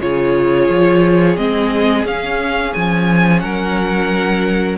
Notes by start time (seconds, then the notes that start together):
0.00 C#3 F4 G#4 C#5
0.68 F3
1.37 G#3 C4 D#5
2.04 C#4 F5
2.73 F3 G#5
3.39 F#3 A#4 F#5